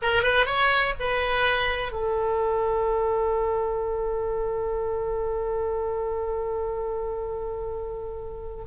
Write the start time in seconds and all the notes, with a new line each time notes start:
0.02 A#4
0.22 B4
0.46 C#5
0.99 B4
1.91 A4